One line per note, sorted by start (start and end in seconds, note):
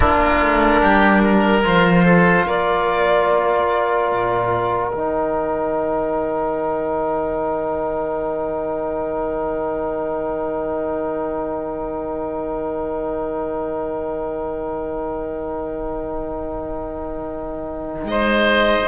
0.00 0.40 A#3
0.00 1.62 D4
0.00 0.80 F4
0.00 1.65 A#4
0.40 0.81 A3
0.80 1.63 G3
0.80 1.21 G4
1.24 2.04 A#4
1.62 2.46 F3
1.62 4.91 F4
1.62 2.47 C5
2.04 2.46 A4
2.46 4.11 A#3
2.46 18.08 A#4
2.46 4.93 D5
4.11 4.93 A#2
4.92 18.04 D#3
4.92 18.88 D#4
4.92 18.08 G5
18.04 18.86 G#3
18.04 18.88 C5
18.04 18.88 D#5